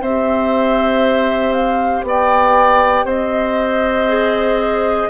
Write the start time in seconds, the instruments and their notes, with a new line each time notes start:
0.00 bassoon C4, clarinet G4, oboe C5, flute E5
1.52 flute F5
2.03 bassoon B3, oboe D5, flute G5
3.04 bassoon C4, oboe C5, flute D#5
4.08 clarinet G#4